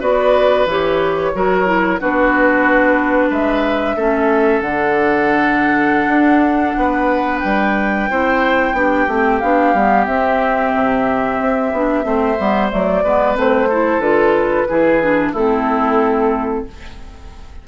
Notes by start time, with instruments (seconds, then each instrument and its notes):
0.00 bassoon B3, clarinet F#4, oboe B4, flute D5
0.66 bassoon E3, clarinet G4, flute C#5
1.34 bassoon F#3, clarinet F#4, oboe A#4
1.66 clarinet E4
2.01 bassoon B3, clarinet D4, oboe F#4, flute B4
3.30 bassoon G#3, oboe B4, flute E5
3.96 bassoon A3, clarinet C#4, oboe A4
4.61 bassoon D3, clarinet D4, flute F#5
6.08 bassoon D4
6.77 bassoon B3, oboe B4
7.40 bassoon G3, flute G5
8.10 bassoon C4, clarinet E4, oboe C5
8.73 bassoon B3, clarinet D4, oboe G4
9.08 bassoon A3, clarinet C4
9.39 bassoon B3, clarinet D4, flute F5
9.74 bassoon G3, clarinet B3
10.06 bassoon C4, clarinet C4, flute E5
10.75 bassoon C3
11.40 bassoon C4
11.72 bassoon B3, clarinet D4
12.03 bassoon A3, clarinet C4, oboe C5
12.39 bassoon G3, clarinet B3
12.70 bassoon F#3, clarinet A3, flute D5
13.04 bassoon G#3, clarinet B3, oboe B4
13.35 bassoon A3, clarinet C4, flute C5
13.69 clarinet E4, oboe A4
13.99 bassoon D3, clarinet F4, flute B4
14.69 bassoon E3, clarinet E4, oboe G#4
15.02 clarinet D4
15.33 bassoon A3, clarinet C4, oboe E4, flute A4